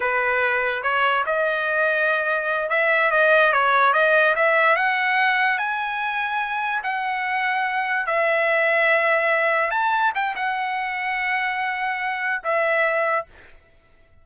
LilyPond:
\new Staff \with { instrumentName = "trumpet" } { \time 4/4 \tempo 4 = 145 b'2 cis''4 dis''4~ | dis''2~ dis''8 e''4 dis''8~ | dis''8 cis''4 dis''4 e''4 fis''8~ | fis''4. gis''2~ gis''8~ |
gis''8 fis''2. e''8~ | e''2.~ e''8 a''8~ | a''8 g''8 fis''2.~ | fis''2 e''2 | }